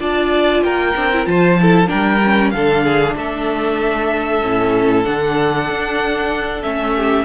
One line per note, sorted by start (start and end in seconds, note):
0.00 0.63 D4
0.00 0.95 F4
0.00 0.63 D5
0.00 0.63 A5
0.63 0.94 A#3
0.63 1.28 A#4
0.63 1.26 G5
0.96 1.27 C4
0.96 1.12 D4
1.12 1.26 E4
1.26 1.90 F3
1.26 1.57 F4
1.26 1.61 C5
1.26 1.89 A5
1.60 1.87 E4
1.60 1.89 A4
1.87 2.54 G3
1.87 2.19 D4
1.87 2.52 A#4
1.87 2.51 G5
2.25 2.54 C#4
2.51 3.15 D3
2.51 4.42 D4
2.51 2.85 A4
2.51 3.14 F5
2.85 3.16 G#4
3.15 4.42 A3
3.15 6.95 A4
3.15 5.04 E5
4.42 5.06 A2
4.42 5.04 C#4
5.04 5.69 D3
5.04 6.62 D4
5.04 6.62 F#5
5.69 6.64 D4
6.63 7.25 A3
6.63 7.25 C#4
6.63 7.25 E5
6.95 7.25 G4